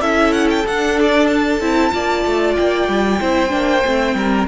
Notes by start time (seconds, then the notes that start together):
0.00 C#4 E4 A4 E5
0.32 F#5
0.50 G5
0.66 D4 F#5
1.00 D5
1.27 A5
1.60 C4 E4
1.91 A#3 F4 D5
2.25 A3
2.55 A#3 G5
2.88 G3
3.19 C4 E4 C5
3.49 A#3 D4
3.85 A3 C4
4.14 G3 A#4